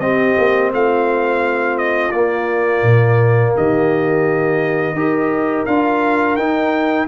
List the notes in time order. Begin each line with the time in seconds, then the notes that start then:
0.00 C4 G4 D#5
0.38 A#3
0.73 A3 F4 F5
1.78 D#5
2.11 A#3 D5
2.82 A#2
3.55 D#3 G4 D#5
4.94 D#4 G4 A#4
5.66 D4 F4 F5
6.36 D#4 G5